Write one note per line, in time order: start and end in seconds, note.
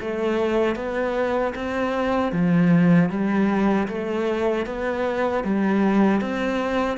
0.00 0.75 A3
0.75 1.53 B3
1.55 2.32 C4
2.32 3.10 F3
3.10 3.87 G3
3.88 4.66 A3
4.66 5.44 B3
5.44 6.21 G3
6.21 6.97 C4